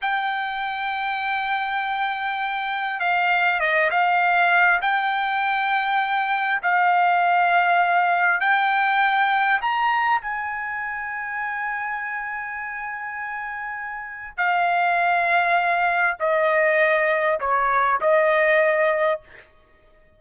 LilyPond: \new Staff \with { instrumentName = "trumpet" } { \time 4/4 \tempo 4 = 100 g''1~ | g''4 f''4 dis''8 f''4. | g''2. f''4~ | f''2 g''2 |
ais''4 gis''2.~ | gis''1 | f''2. dis''4~ | dis''4 cis''4 dis''2 | }